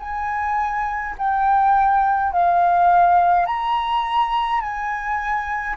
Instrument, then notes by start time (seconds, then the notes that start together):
flute
0.00 G#5
1.19 G5
2.33 F5
3.46 A#5
4.61 G#5